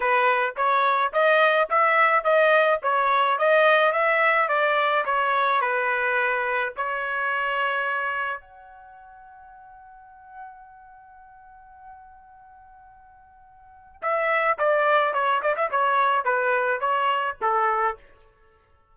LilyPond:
\new Staff \with { instrumentName = "trumpet" } { \time 4/4 \tempo 4 = 107 b'4 cis''4 dis''4 e''4 | dis''4 cis''4 dis''4 e''4 | d''4 cis''4 b'2 | cis''2. fis''4~ |
fis''1~ | fis''1~ | fis''4 e''4 d''4 cis''8 d''16 e''16 | cis''4 b'4 cis''4 a'4 | }